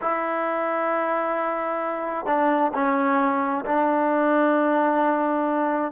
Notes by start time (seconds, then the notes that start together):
0.01 E4
2.26 D4
2.74 C#4
3.65 D4